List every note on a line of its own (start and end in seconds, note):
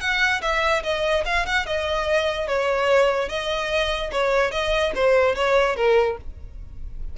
0.00 0.41 F#5
0.41 0.83 E5
0.83 1.24 D#5
1.25 1.46 F5
1.46 1.66 F#5
1.66 2.48 D#5
2.48 3.29 C#5
3.29 4.11 D#5
4.11 4.51 C#5
4.51 4.92 D#5
4.95 5.35 C5
5.35 5.76 C#5
5.76 6.17 A#4